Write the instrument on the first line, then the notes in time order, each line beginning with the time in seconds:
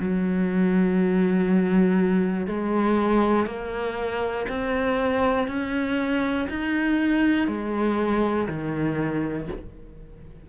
cello
0.00 F#3
2.47 G#3
3.46 A#3
4.49 C4
5.48 C#4
6.50 D#4
7.48 G#3
8.49 D#3